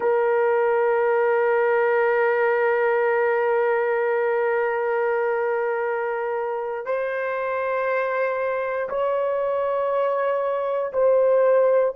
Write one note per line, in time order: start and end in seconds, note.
0.00 6.85 A#4
6.85 8.88 C5
8.89 10.92 C#5
10.92 11.94 C5